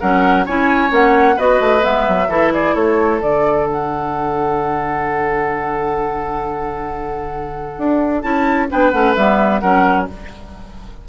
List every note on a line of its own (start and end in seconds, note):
0.00 0.47 F#3
0.00 0.47 C#4
0.00 0.46 A#4
0.00 0.46 F#5
0.46 0.91 C#4
0.46 0.90 E4
0.46 1.36 C#5
0.46 0.93 G#5
0.90 1.37 A#3
0.90 1.36 C#4
0.90 1.39 F#5
1.36 1.60 B3
1.36 1.81 F#4
1.36 2.28 B4
1.36 1.84 D#5
1.60 1.83 A3
1.81 2.08 G#3
1.81 2.27 B3
1.81 2.53 E5
2.08 2.28 F#3
2.28 2.74 E3
2.28 3.21 E4
2.28 2.52 A4
2.53 2.75 G#4
2.53 2.75 D5
2.75 3.21 A3
2.75 8.70 A4
2.75 3.21 C#5
3.21 7.78 D3
3.21 8.23 D4
3.21 3.67 D5
3.67 8.22 F#5
7.78 8.23 D4
8.22 8.69 C#4
8.22 8.69 E4
8.22 8.68 A5
8.70 8.93 B3
8.70 8.93 D4
8.70 9.61 B4
8.70 8.91 G5
8.91 9.16 A3
8.91 9.16 C#4
8.91 9.14 F#5
9.16 9.62 G3
9.16 9.62 B3
9.16 9.60 E5
9.60 10.08 F#3
9.60 10.08 C#4
9.60 10.07 A#4
9.60 10.06 F#5